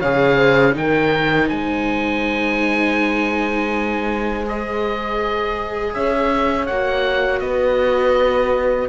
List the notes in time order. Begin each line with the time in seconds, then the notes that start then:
0.00 C#3 G#4 C#5 F5
0.37 C5
0.72 D#3 D#4 G5
0.78 A#4
1.49 G#3 C5 G#5
4.46 G#4 D#5
5.94 C#4 C#5 E5
6.66 A#3 F#4 F#5
7.40 B3 B4 D#5